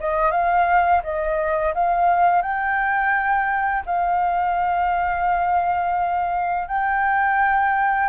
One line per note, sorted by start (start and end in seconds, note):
0.00 0.31 D#5
0.31 1.02 F5
1.03 1.74 D#5
1.75 2.42 F5
2.42 3.83 G5
3.86 6.68 F5
6.68 8.09 G5